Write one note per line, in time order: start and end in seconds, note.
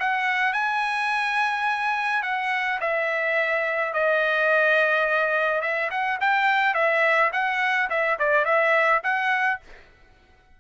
0.00 0.53 F#5
0.53 2.23 G#5
2.23 2.80 F#5
2.81 3.93 E5
3.93 5.62 D#5
5.62 5.90 E5
5.91 6.19 F#5
6.21 6.74 G5
6.74 7.31 E5
7.33 7.90 F#5
7.90 8.18 E5
8.19 8.45 D5
8.45 9.02 E5
9.04 9.60 F#5